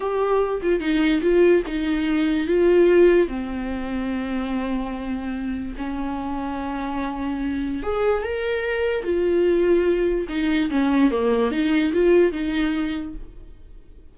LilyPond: \new Staff \with { instrumentName = "viola" } { \time 4/4 \tempo 4 = 146 g'4. f'8 dis'4 f'4 | dis'2 f'2 | c'1~ | c'2 cis'2~ |
cis'2. gis'4 | ais'2 f'2~ | f'4 dis'4 cis'4 ais4 | dis'4 f'4 dis'2 | }